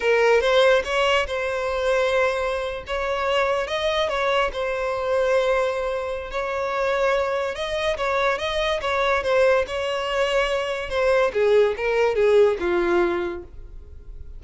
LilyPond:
\new Staff \with { instrumentName = "violin" } { \time 4/4 \tempo 4 = 143 ais'4 c''4 cis''4 c''4~ | c''2~ c''8. cis''4~ cis''16~ | cis''8. dis''4 cis''4 c''4~ c''16~ | c''2. cis''4~ |
cis''2 dis''4 cis''4 | dis''4 cis''4 c''4 cis''4~ | cis''2 c''4 gis'4 | ais'4 gis'4 f'2 | }